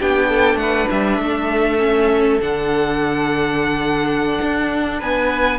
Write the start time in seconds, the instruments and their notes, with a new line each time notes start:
0.00 cello B3, viola D4, violin G4 G5
0.29 violin A4
0.55 cello A3, violin F#5
0.62 violin B4
0.90 cello G3, violin E5
1.18 cello A3, violin A4
1.79 viola C#4
2.41 cello D3, viola D4, violin F#5
4.42 cello D4
4.99 cello B3, violin B4 G#5